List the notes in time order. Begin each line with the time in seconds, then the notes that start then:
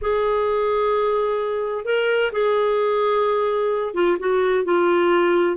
0.01 G#4
1.85 A#4
2.32 G#4
3.94 F4
4.19 F#4
4.64 F4